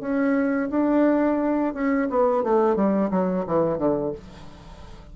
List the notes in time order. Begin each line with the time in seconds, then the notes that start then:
0.00 C#4
0.70 D4
1.73 C#4
2.10 B3
2.43 A3
2.76 G3
3.10 F#3
3.46 E3
3.78 D3